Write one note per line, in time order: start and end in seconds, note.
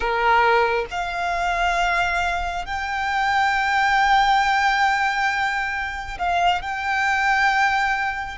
0.00 0.85 A#4
0.91 2.65 F5
2.65 6.18 G5
6.18 6.61 F5
6.61 8.37 G5